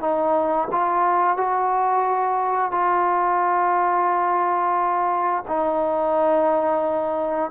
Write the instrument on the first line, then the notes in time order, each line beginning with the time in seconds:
trombone
0.00 D#4
0.71 F4
1.37 F#4
2.71 F4
5.48 D#4